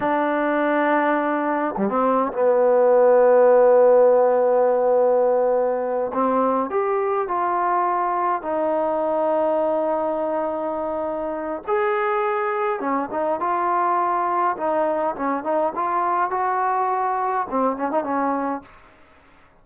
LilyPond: \new Staff \with { instrumentName = "trombone" } { \time 4/4 \tempo 4 = 103 d'2. g16 c'8. | b1~ | b2~ b8 c'4 g'8~ | g'8 f'2 dis'4.~ |
dis'1 | gis'2 cis'8 dis'8 f'4~ | f'4 dis'4 cis'8 dis'8 f'4 | fis'2 c'8 cis'16 dis'16 cis'4 | }